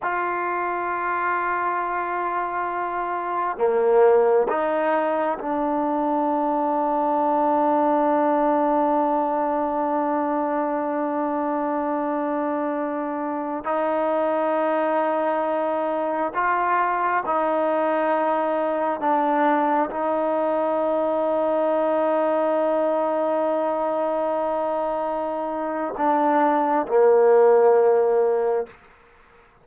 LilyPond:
\new Staff \with { instrumentName = "trombone" } { \time 4/4 \tempo 4 = 67 f'1 | ais4 dis'4 d'2~ | d'1~ | d'2.~ d'16 dis'8.~ |
dis'2~ dis'16 f'4 dis'8.~ | dis'4~ dis'16 d'4 dis'4.~ dis'16~ | dis'1~ | dis'4 d'4 ais2 | }